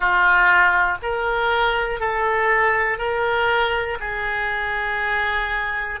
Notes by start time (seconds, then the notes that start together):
0.00 F4
1.02 A#4
2.00 A4
2.97 A#4
4.00 G#4